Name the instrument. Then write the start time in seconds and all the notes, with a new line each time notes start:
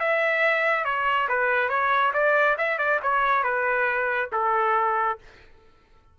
trumpet
0.00 E5
0.85 C#5
1.29 B4
1.69 C#5
2.14 D5
2.58 E5
2.78 D5
3.03 C#5
3.44 B4
4.33 A4